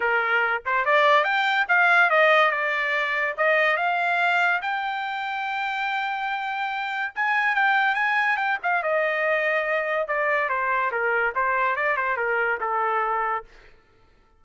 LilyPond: \new Staff \with { instrumentName = "trumpet" } { \time 4/4 \tempo 4 = 143 ais'4. c''8 d''4 g''4 | f''4 dis''4 d''2 | dis''4 f''2 g''4~ | g''1~ |
g''4 gis''4 g''4 gis''4 | g''8 f''8 dis''2. | d''4 c''4 ais'4 c''4 | d''8 c''8 ais'4 a'2 | }